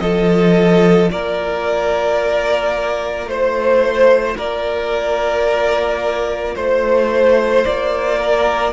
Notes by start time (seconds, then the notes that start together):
0.00 F3 F4 A4 D#5
1.11 A#3 A#4 D5
3.27 A3 C5
4.37 A#3 A#4 D5
6.55 A3 C5
7.65 A#3 D5
8.19 A#4